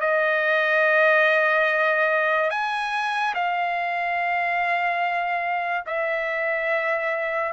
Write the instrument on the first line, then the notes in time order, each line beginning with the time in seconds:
trumpet
0.00 D#5
2.50 G#5
3.34 F5
5.86 E5